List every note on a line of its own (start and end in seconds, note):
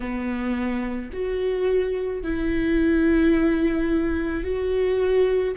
0.00 1.10 B3
1.13 2.23 F#4
2.23 4.43 E4
4.43 5.55 F#4